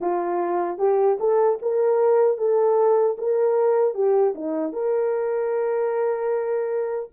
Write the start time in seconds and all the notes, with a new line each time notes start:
0.00 F4
0.78 G4
1.19 A4
1.62 A#4
2.37 A4
3.18 A#4
3.94 G4
4.34 D#4
4.72 A#4